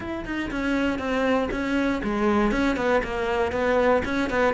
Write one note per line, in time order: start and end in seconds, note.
0.00 0.25 E4
0.25 0.50 D#4
0.50 0.98 C#4
0.98 1.49 C4
1.51 2.01 C#4
2.03 2.51 G#3
2.51 2.76 C#4
2.76 3.01 B3
3.03 3.52 A#3
3.52 4.02 B3
4.05 4.29 C#4
4.29 4.54 B3